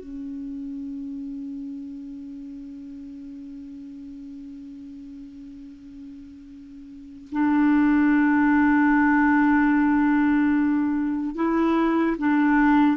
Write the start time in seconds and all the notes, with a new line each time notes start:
0.00 C#4
7.32 D4
11.36 E4
12.18 D4